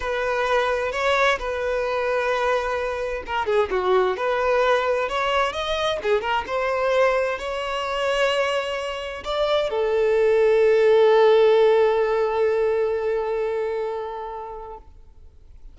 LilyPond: \new Staff \with { instrumentName = "violin" } { \time 4/4 \tempo 4 = 130 b'2 cis''4 b'4~ | b'2. ais'8 gis'8 | fis'4 b'2 cis''4 | dis''4 gis'8 ais'8 c''2 |
cis''1 | d''4 a'2.~ | a'1~ | a'1 | }